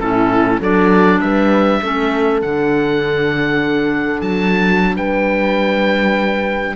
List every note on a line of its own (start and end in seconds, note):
0.00 0.60 A2
0.00 0.61 C#4
0.00 0.59 E4
0.00 0.60 A4
0.59 1.20 F#3
0.59 1.82 D4
0.59 1.19 A4
0.59 1.21 D5
1.21 1.81 G3
1.21 1.82 B4
1.21 2.41 E5
1.82 2.42 A3
1.82 2.43 C#4
1.82 4.96 A4
2.42 4.21 D3
2.42 6.76 D4
2.42 4.21 F#5
4.21 4.96 F#3
4.21 4.96 A5
4.96 6.76 G3
4.96 6.76 B4
4.96 6.76 G5